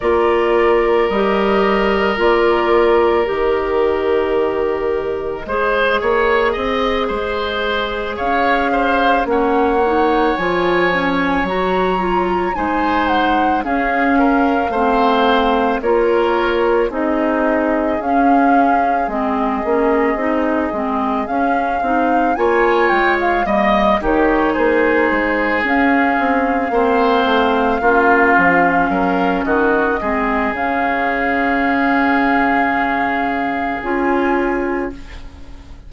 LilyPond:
<<
  \new Staff \with { instrumentName = "flute" } { \time 4/4 \tempo 4 = 55 d''4 dis''4 d''4 dis''4~ | dis''2.~ dis''8 f''8~ | f''8 fis''4 gis''4 ais''4 gis''8 | fis''8 f''2 cis''4 dis''8~ |
dis''8 f''4 dis''2 f''8~ | f''8 gis''8 g''16 f''16 dis''8 cis''8 c''4 f''8~ | f''2. dis''4 | f''2. gis''4 | }
  \new Staff \with { instrumentName = "oboe" } { \time 4/4 ais'1~ | ais'4 c''8 cis''8 dis''8 c''4 cis''8 | c''8 cis''2. c''8~ | c''8 gis'8 ais'8 c''4 ais'4 gis'8~ |
gis'1~ | gis'8 cis''4 dis''8 g'8 gis'4.~ | gis'8 c''4 f'4 ais'8 fis'8 gis'8~ | gis'1 | }
  \new Staff \with { instrumentName = "clarinet" } { \time 4/4 f'4 g'4 f'4 g'4~ | g'4 gis'2.~ | gis'8 cis'8 dis'8 f'8 cis'8 fis'8 f'8 dis'8~ | dis'8 cis'4 c'4 f'4 dis'8~ |
dis'8 cis'4 c'8 cis'8 dis'8 c'8 cis'8 | dis'8 f'4 ais8 dis'4. cis'8~ | cis'8 c'4 cis'2 c'8 | cis'2. f'4 | }
  \new Staff \with { instrumentName = "bassoon" } { \time 4/4 ais4 g4 ais4 dis4~ | dis4 gis8 ais8 c'8 gis4 cis'8~ | cis'8 ais4 f4 fis4 gis8~ | gis8 cis'4 a4 ais4 c'8~ |
c'8 cis'4 gis8 ais8 c'8 gis8 cis'8 | c'8 ais8 gis8 g8 dis8 ais8 gis8 cis'8 | c'8 ais8 a8 ais8 f8 fis8 dis8 gis8 | cis2. cis'4 | }
>>